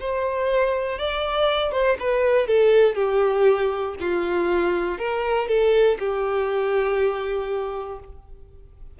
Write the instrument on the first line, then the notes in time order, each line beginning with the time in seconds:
violin
0.00 C5
0.99 D5
1.72 C5
2.00 B4
2.47 A4
2.95 G4
4.00 F4
4.98 A#4
5.48 A4
5.99 G4